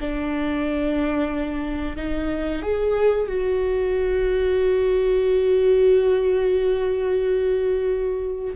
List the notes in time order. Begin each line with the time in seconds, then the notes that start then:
0.00 D4
1.96 D#4
2.62 G#4
3.27 F#4